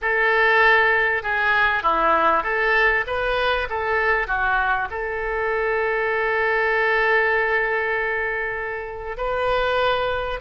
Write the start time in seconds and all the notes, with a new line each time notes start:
0.01 A4
1.22 G#4
1.82 E4
2.43 A4
3.06 B4
3.69 A4
4.27 F#4
4.90 A4
9.17 B4